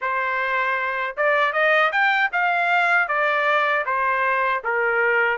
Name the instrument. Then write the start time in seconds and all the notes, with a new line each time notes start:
trumpet
0.01 C5
1.16 D5
1.52 D#5
1.92 G5
2.32 F5
3.08 D5
3.85 C5
4.64 A#4